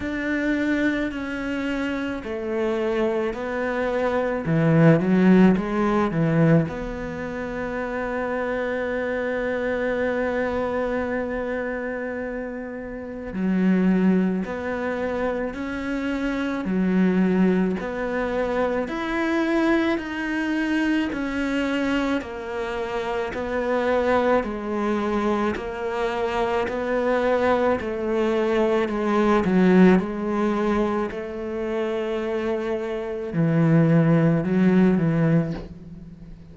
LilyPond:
\new Staff \with { instrumentName = "cello" } { \time 4/4 \tempo 4 = 54 d'4 cis'4 a4 b4 | e8 fis8 gis8 e8 b2~ | b1 | fis4 b4 cis'4 fis4 |
b4 e'4 dis'4 cis'4 | ais4 b4 gis4 ais4 | b4 a4 gis8 fis8 gis4 | a2 e4 fis8 e8 | }